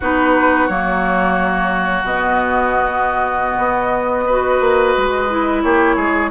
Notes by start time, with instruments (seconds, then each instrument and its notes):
0.00 bassoon B3, clarinet D#4, oboe F#4, flute B4
0.67 bassoon F#3, clarinet A#3, flute C#5
2.03 bassoon B2, clarinet B3, flute D#5
3.58 bassoon B3
4.26 clarinet F#4, oboe B4
4.60 bassoon A#3
4.97 bassoon G#3
5.29 clarinet E4
5.62 bassoon A#3, oboe G4, flute C#5
5.96 bassoon G#3, oboe G#4